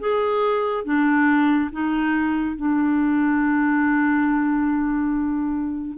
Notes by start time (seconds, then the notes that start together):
0.00 G#4
0.85 D4
1.72 D#4
2.56 D4